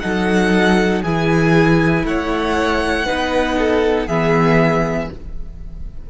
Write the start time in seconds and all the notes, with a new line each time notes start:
0.00 F#3 D#4 A4 F#5
1.03 E3 E4 G#4 G#5
2.04 A3 C#5 F#5
3.06 B3 D#4 B4
3.59 A4
4.07 E3 B3 G#4 E5